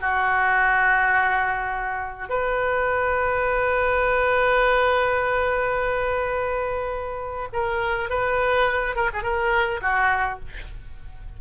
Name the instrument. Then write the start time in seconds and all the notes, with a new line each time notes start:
oboe
0.00 F#4
2.29 B4
7.52 A#4
8.10 B4
8.95 A#4
9.13 G#4
9.23 A#4
9.81 F#4